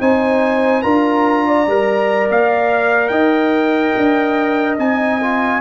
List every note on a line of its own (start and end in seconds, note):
0.00 0.84 C4
0.00 0.83 D#4
0.00 0.82 C5
0.00 0.82 G#5
0.82 1.67 D4
0.82 1.67 F4
0.82 1.45 A#4
0.82 2.27 A#5
1.47 3.12 D5
1.67 2.29 G3
1.67 4.79 A#4
2.30 3.10 A#3
2.30 3.08 F5
3.08 3.93 D#4
3.08 5.61 D#5
3.08 4.75 G5
3.97 4.78 D4
4.78 5.61 C4
4.78 5.20 D#4
4.78 5.61 G#5
5.22 5.61 F4